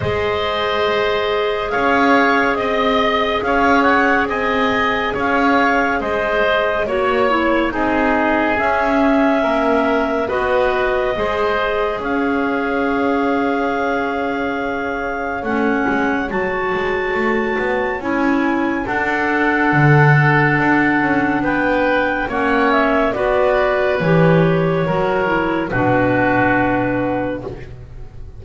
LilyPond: <<
  \new Staff \with { instrumentName = "clarinet" } { \time 4/4 \tempo 4 = 70 dis''2 f''4 dis''4 | f''8 fis''8 gis''4 f''4 dis''4 | cis''4 dis''4 e''2 | dis''2 f''2~ |
f''2 fis''4 a''4~ | a''4 gis''4 fis''2~ | fis''4 g''4 fis''8 e''8 d''4 | cis''2 b'2 | }
  \new Staff \with { instrumentName = "oboe" } { \time 4/4 c''2 cis''4 dis''4 | cis''4 dis''4 cis''4 c''4 | cis''4 gis'2 ais'4 | b'4 c''4 cis''2~ |
cis''1~ | cis''2 a'2~ | a'4 b'4 cis''4 b'4~ | b'4 ais'4 fis'2 | }
  \new Staff \with { instrumentName = "clarinet" } { \time 4/4 gis'1~ | gis'1 | fis'8 e'8 dis'4 cis'2 | fis'4 gis'2.~ |
gis'2 cis'4 fis'4~ | fis'4 e'4 d'2~ | d'2 cis'4 fis'4 | g'4 fis'8 e'8 d'2 | }
  \new Staff \with { instrumentName = "double bass" } { \time 4/4 gis2 cis'4 c'4 | cis'4 c'4 cis'4 gis4 | ais4 c'4 cis'4 ais4 | b4 gis4 cis'2~ |
cis'2 a8 gis8 fis8 gis8 | a8 b8 cis'4 d'4 d4 | d'8 cis'8 b4 ais4 b4 | e4 fis4 b,2 | }
>>